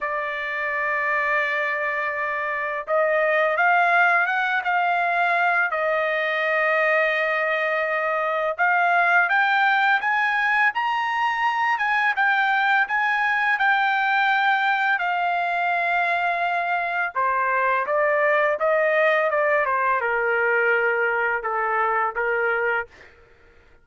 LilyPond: \new Staff \with { instrumentName = "trumpet" } { \time 4/4 \tempo 4 = 84 d''1 | dis''4 f''4 fis''8 f''4. | dis''1 | f''4 g''4 gis''4 ais''4~ |
ais''8 gis''8 g''4 gis''4 g''4~ | g''4 f''2. | c''4 d''4 dis''4 d''8 c''8 | ais'2 a'4 ais'4 | }